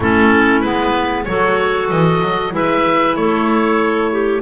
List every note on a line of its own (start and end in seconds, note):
0.00 0.63 A3
0.00 0.64 C#4
0.00 1.25 E4
0.00 0.61 A4
0.61 1.26 G#3
0.61 1.27 B3
0.61 1.24 B4
1.24 1.90 F#3
1.24 2.50 F#4
1.24 2.54 A4
1.24 1.87 C#5
1.90 2.22 E3
1.90 2.53 D#5
2.22 2.53 F#3
2.50 3.16 G#3
2.50 4.40 E4
2.50 3.17 B4
2.50 3.15 E5
3.15 4.41 A3
3.15 4.11 A4
3.15 4.41 C#5
4.11 4.41 G4